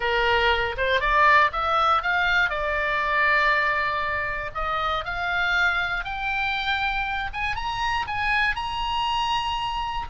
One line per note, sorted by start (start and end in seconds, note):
0.00 0.76 A#4
0.77 1.00 C5
1.00 1.50 D5
1.52 2.02 E5
2.02 2.49 F5
2.49 4.51 D5
4.54 5.04 D#5
5.04 6.04 F5
6.04 7.30 G5
7.33 7.55 G#5
7.55 8.06 A#5
8.07 8.55 G#5
8.55 10.06 A#5